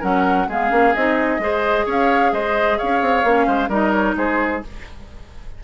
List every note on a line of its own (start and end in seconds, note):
0.00 0.48 F#3
0.00 0.47 C#4
0.00 0.46 A#4
0.00 0.49 F#5
0.48 0.71 G#3
0.48 0.70 B3
0.48 1.41 G#4
0.48 0.94 F5
0.70 0.94 A#3
0.70 0.93 C#4
0.94 1.39 C4
0.94 1.40 D#4
0.94 1.87 D#5
1.39 1.85 G#3
1.39 3.25 G#4
1.39 1.85 C5
1.85 2.32 C#4
1.85 2.32 C#5
1.85 2.33 F5
2.32 2.78 G#3
2.32 2.78 C5
2.32 2.78 D#5
2.78 3.02 C#4
2.78 3.47 C#5
2.78 3.70 F5
3.02 3.24 C4
3.24 3.47 A#3
3.24 3.70 C#4
3.47 3.68 G#3
3.47 3.69 C5
3.68 4.14 G3
3.68 4.62 D#4
3.68 4.15 A#4
3.68 3.92 D#5
3.92 4.15 C#5
4.17 4.63 G#3
4.17 4.63 G#4
4.17 4.63 C5